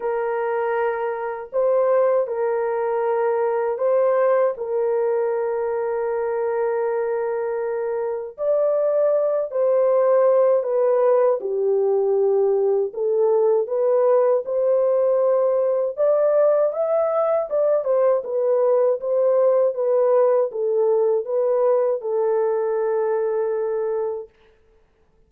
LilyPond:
\new Staff \with { instrumentName = "horn" } { \time 4/4 \tempo 4 = 79 ais'2 c''4 ais'4~ | ais'4 c''4 ais'2~ | ais'2. d''4~ | d''8 c''4. b'4 g'4~ |
g'4 a'4 b'4 c''4~ | c''4 d''4 e''4 d''8 c''8 | b'4 c''4 b'4 a'4 | b'4 a'2. | }